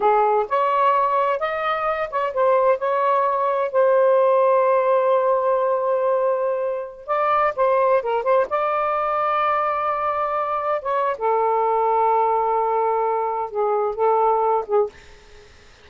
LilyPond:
\new Staff \with { instrumentName = "saxophone" } { \time 4/4 \tempo 4 = 129 gis'4 cis''2 dis''4~ | dis''8 cis''8 c''4 cis''2 | c''1~ | c''2.~ c''16 d''8.~ |
d''16 c''4 ais'8 c''8 d''4.~ d''16~ | d''2.~ d''16 cis''8. | a'1~ | a'4 gis'4 a'4. gis'8 | }